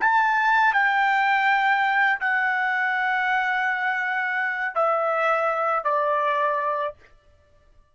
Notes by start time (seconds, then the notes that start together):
0.00 A5
0.73 G5
2.20 F#5
4.75 E5
5.84 D5